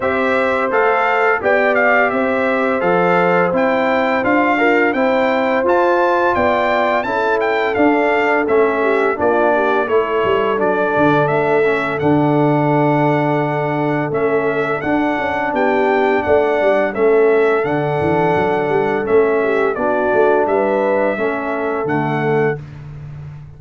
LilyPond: <<
  \new Staff \with { instrumentName = "trumpet" } { \time 4/4 \tempo 4 = 85 e''4 f''4 g''8 f''8 e''4 | f''4 g''4 f''4 g''4 | a''4 g''4 a''8 g''8 f''4 | e''4 d''4 cis''4 d''4 |
e''4 fis''2. | e''4 fis''4 g''4 fis''4 | e''4 fis''2 e''4 | d''4 e''2 fis''4 | }
  \new Staff \with { instrumentName = "horn" } { \time 4/4 c''2 d''4 c''4~ | c''2~ c''8 f'8 c''4~ | c''4 d''4 a'2~ | a'8 g'8 f'8 g'8 a'2~ |
a'1~ | a'2 g'4 d''4 | a'2.~ a'8 g'8 | fis'4 b'4 a'2 | }
  \new Staff \with { instrumentName = "trombone" } { \time 4/4 g'4 a'4 g'2 | a'4 e'4 f'8 ais'8 e'4 | f'2 e'4 d'4 | cis'4 d'4 e'4 d'4~ |
d'8 cis'8 d'2. | cis'4 d'2. | cis'4 d'2 cis'4 | d'2 cis'4 a4 | }
  \new Staff \with { instrumentName = "tuba" } { \time 4/4 c'4 a4 b4 c'4 | f4 c'4 d'4 c'4 | f'4 b4 cis'4 d'4 | a4 ais4 a8 g8 fis8 d8 |
a4 d2. | a4 d'8 cis'8 b4 a8 g8 | a4 d8 e8 fis8 g8 a4 | b8 a8 g4 a4 d4 | }
>>